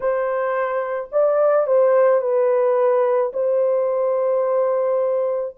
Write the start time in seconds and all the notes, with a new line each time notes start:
0.00 C5
1.12 D5
1.67 C5
2.21 B4
3.33 C5